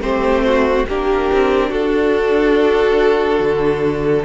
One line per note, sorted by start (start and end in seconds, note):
0.00 0.85 A3
0.00 0.86 C4
0.00 0.44 G4
0.00 0.86 C5
0.45 0.87 F#4
0.88 1.31 A#3
0.88 4.24 D4
0.88 1.69 G4
0.88 1.72 A#4
1.32 1.71 C4
1.69 3.40 D4
1.69 4.23 F#4
1.69 4.24 A4
3.40 4.24 D3